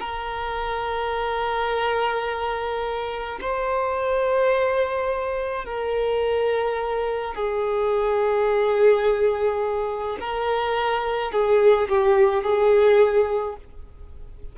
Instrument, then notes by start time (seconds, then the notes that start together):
violin
0.00 A#4
3.41 C5
5.66 A#4
7.35 G#4
10.20 A#4
11.32 G#4
11.89 G4
12.43 G#4